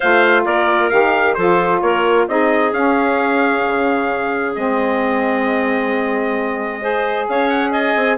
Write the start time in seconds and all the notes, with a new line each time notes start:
0.00 A3 F4 C5 F5
0.44 A#3 A#4 D5
0.90 D#3 G4 F5
1.34 F3 F4 A4 C5
1.81 A#3 A#4 C#5
2.27 C4 D#4 G#4 D#5
2.72 C#4 F5
3.67 C#3
4.55 G#3 C4 D#5
6.81 G#4 C5
7.28 C#4 C#5 F5
7.49 F#5
7.71 D#5 G#5
7.95 C4